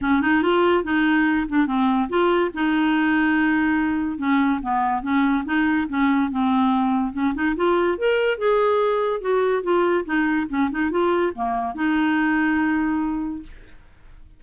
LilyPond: \new Staff \with { instrumentName = "clarinet" } { \time 4/4 \tempo 4 = 143 cis'8 dis'8 f'4 dis'4. d'8 | c'4 f'4 dis'2~ | dis'2 cis'4 b4 | cis'4 dis'4 cis'4 c'4~ |
c'4 cis'8 dis'8 f'4 ais'4 | gis'2 fis'4 f'4 | dis'4 cis'8 dis'8 f'4 ais4 | dis'1 | }